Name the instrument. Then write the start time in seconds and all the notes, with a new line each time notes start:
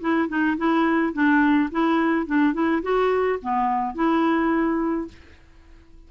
clarinet
0.00 E4
0.28 D#4
0.57 E4
1.13 D4
1.71 E4
2.26 D4
2.53 E4
2.82 F#4
3.42 B3
3.94 E4